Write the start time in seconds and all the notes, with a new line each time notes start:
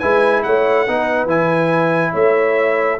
0.00 G#3 E4 B4 G#5
0.43 A3 C#5 F#5
0.88 B3 D#4 B4
1.26 E3 E4 G#5
2.12 A3 C#5 E5